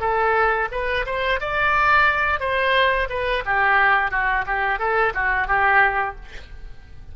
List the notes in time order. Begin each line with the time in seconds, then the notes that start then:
0.00 A4
0.72 B4
1.06 C5
1.40 D5
2.40 C5
3.09 B4
3.45 G4
4.11 F#4
4.46 G4
4.79 A4
5.14 F#4
5.47 G4